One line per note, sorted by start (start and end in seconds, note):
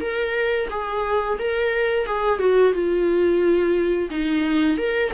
0.00 0.68 A#4
0.70 1.38 G#4
1.39 2.06 A#4
2.06 2.39 G#4
2.39 2.73 F#4
2.73 4.09 F4
4.10 4.78 D#4
4.78 5.12 A#4